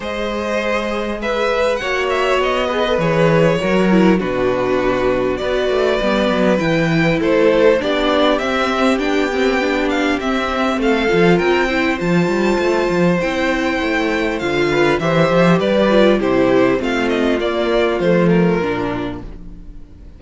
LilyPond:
<<
  \new Staff \with { instrumentName = "violin" } { \time 4/4 \tempo 4 = 100 dis''2 e''4 fis''8 e''8 | dis''4 cis''2 b'4~ | b'4 d''2 g''4 | c''4 d''4 e''4 g''4~ |
g''8 f''8 e''4 f''4 g''4 | a''2 g''2 | f''4 e''4 d''4 c''4 | f''8 dis''8 d''4 c''8 ais'4. | }
  \new Staff \with { instrumentName = "violin" } { \time 4/4 c''2 b'4 cis''4~ | cis''8 b'4. ais'4 fis'4~ | fis'4 b'2. | a'4 g'2.~ |
g'2 a'4 ais'8 c''8~ | c''1~ | c''8 b'8 c''4 b'4 g'4 | f'1 | }
  \new Staff \with { instrumentName = "viola" } { \time 4/4 gis'2. fis'4~ | fis'8 gis'16 a'16 gis'4 fis'8 e'8 d'4~ | d'4 fis'4 b4 e'4~ | e'4 d'4 c'4 d'8 c'8 |
d'4 c'4. f'4 e'8 | f'2 e'2 | f'4 g'4. f'8 e'4 | c'4 ais4 a4 d'4 | }
  \new Staff \with { instrumentName = "cello" } { \time 4/4 gis2. ais4 | b4 e4 fis4 b,4~ | b,4 b8 a8 g8 fis8 e4 | a4 b4 c'4 b4~ |
b4 c'4 a8 f8 c'4 | f8 g8 a8 f8 c'4 a4 | d4 e8 f8 g4 c4 | a4 ais4 f4 ais,4 | }
>>